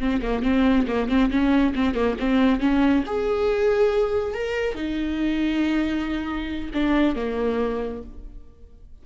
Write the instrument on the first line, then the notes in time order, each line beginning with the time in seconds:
viola
0.00 C4
0.22 A#3
0.43 C4
0.88 A#3
1.09 C4
1.31 C#4
1.76 C4
1.95 A#3
2.20 C4
2.61 C#4
3.07 G#4
4.35 A#4
4.75 D#4
6.74 D4
7.16 A#3